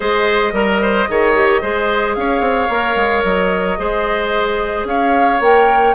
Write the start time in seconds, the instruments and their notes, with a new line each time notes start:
0.00 bassoon G#3, clarinet G#4, oboe C5, flute D#5
0.52 bassoon G3, clarinet A#4, oboe A#4
0.81 oboe C5
1.09 bassoon D#3, clarinet G#4, oboe C#5
1.34 clarinet G4
1.61 bassoon G#3, clarinet G#4, oboe C5
2.15 bassoon C#4, oboe C#5, flute F5
2.40 bassoon C4
2.68 bassoon A#3, clarinet A#4
2.95 bassoon G#3
3.23 bassoon F#3, flute D#5
3.77 bassoon G#3, clarinet G#4, oboe C5
4.84 bassoon C#4, oboe C#5, flute F5
5.40 bassoon A#3, clarinet A#4, flute G5